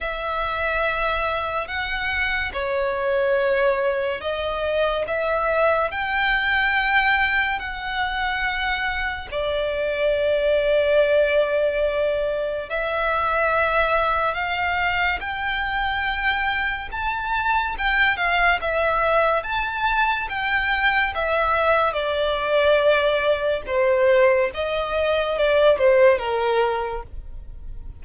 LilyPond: \new Staff \with { instrumentName = "violin" } { \time 4/4 \tempo 4 = 71 e''2 fis''4 cis''4~ | cis''4 dis''4 e''4 g''4~ | g''4 fis''2 d''4~ | d''2. e''4~ |
e''4 f''4 g''2 | a''4 g''8 f''8 e''4 a''4 | g''4 e''4 d''2 | c''4 dis''4 d''8 c''8 ais'4 | }